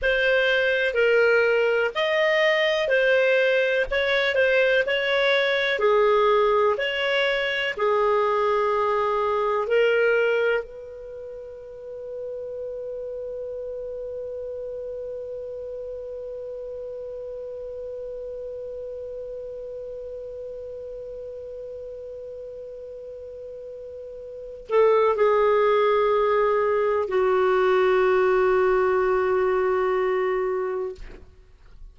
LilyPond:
\new Staff \with { instrumentName = "clarinet" } { \time 4/4 \tempo 4 = 62 c''4 ais'4 dis''4 c''4 | cis''8 c''8 cis''4 gis'4 cis''4 | gis'2 ais'4 b'4~ | b'1~ |
b'1~ | b'1~ | b'4. a'8 gis'2 | fis'1 | }